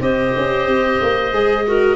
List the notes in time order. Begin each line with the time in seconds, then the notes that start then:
0.00 C4 G4 C5 D#5
0.37 C#4
0.67 C4
1.01 A#3
1.32 G#3 G#4
1.67 F#4 A#4